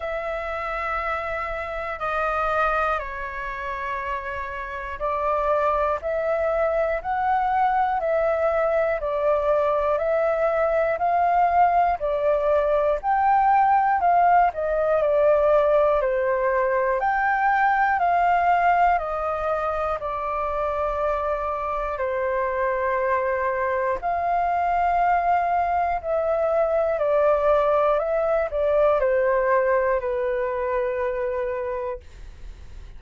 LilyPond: \new Staff \with { instrumentName = "flute" } { \time 4/4 \tempo 4 = 60 e''2 dis''4 cis''4~ | cis''4 d''4 e''4 fis''4 | e''4 d''4 e''4 f''4 | d''4 g''4 f''8 dis''8 d''4 |
c''4 g''4 f''4 dis''4 | d''2 c''2 | f''2 e''4 d''4 | e''8 d''8 c''4 b'2 | }